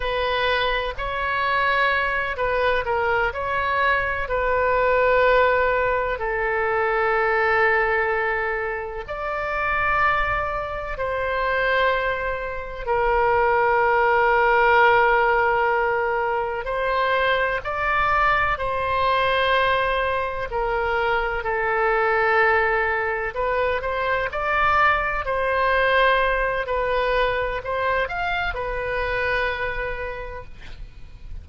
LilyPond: \new Staff \with { instrumentName = "oboe" } { \time 4/4 \tempo 4 = 63 b'4 cis''4. b'8 ais'8 cis''8~ | cis''8 b'2 a'4.~ | a'4. d''2 c''8~ | c''4. ais'2~ ais'8~ |
ais'4. c''4 d''4 c''8~ | c''4. ais'4 a'4.~ | a'8 b'8 c''8 d''4 c''4. | b'4 c''8 f''8 b'2 | }